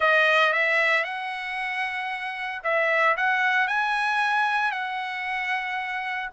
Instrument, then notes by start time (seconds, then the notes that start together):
trumpet
0.00 D#5
0.52 E5
1.04 F#5
2.63 E5
3.17 F#5
3.67 G#5
4.71 F#5